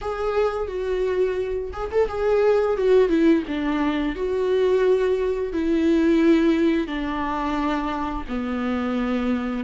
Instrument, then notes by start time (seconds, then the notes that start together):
viola
0.01 G#4
0.67 F#4
1.72 G#4
1.91 A4
2.08 G#4
2.77 F#4
3.08 E4
3.47 D4
4.15 F#4
5.53 E4
6.87 D4
8.28 B3